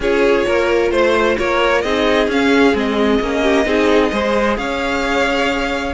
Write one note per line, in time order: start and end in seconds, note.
0.00 0.44 C#4
0.00 1.84 F4
0.00 0.46 G#4
0.00 0.91 C#5
0.46 0.91 A#3
0.46 0.92 A#4
0.91 1.36 A3
0.91 1.37 C5
0.91 1.38 C5
1.38 1.84 A#3
1.38 1.83 A#4
1.38 1.81 C#5
1.81 2.27 C4
1.81 2.30 D#4
1.81 3.42 G#4
1.81 2.27 D#5
2.27 2.73 C#4
2.27 2.75 C#4
2.27 2.77 F5
2.74 3.19 G#3
2.74 3.20 C4
2.74 4.57 D#5
3.20 3.65 A#3
3.20 3.65 C#4
3.42 3.65 G4
3.65 4.11 C4
3.65 4.11 D#4
3.65 4.12 G#4
4.12 4.57 G#3
4.12 5.94 G#4
4.12 4.57 C5
4.57 5.94 C#4
4.57 5.94 C#5
4.57 5.94 F5